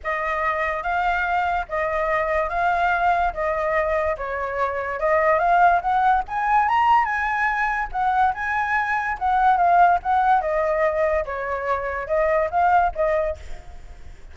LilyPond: \new Staff \with { instrumentName = "flute" } { \time 4/4 \tempo 4 = 144 dis''2 f''2 | dis''2 f''2 | dis''2 cis''2 | dis''4 f''4 fis''4 gis''4 |
ais''4 gis''2 fis''4 | gis''2 fis''4 f''4 | fis''4 dis''2 cis''4~ | cis''4 dis''4 f''4 dis''4 | }